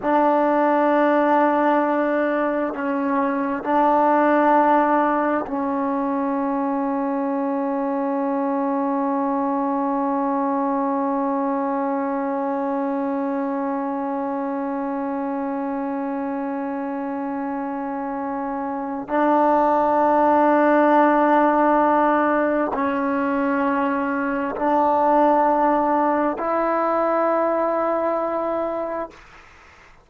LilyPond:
\new Staff \with { instrumentName = "trombone" } { \time 4/4 \tempo 4 = 66 d'2. cis'4 | d'2 cis'2~ | cis'1~ | cis'1~ |
cis'1~ | cis'4 d'2.~ | d'4 cis'2 d'4~ | d'4 e'2. | }